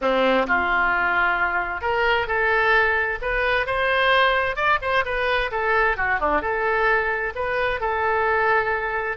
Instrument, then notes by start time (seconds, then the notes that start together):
oboe
0.01 C4
0.47 F4
1.81 A#4
2.27 A4
3.21 B4
3.66 C5
4.56 D5
4.81 C5
5.05 B4
5.51 A4
5.96 F#4
6.19 D4
6.41 A4
7.35 B4
7.80 A4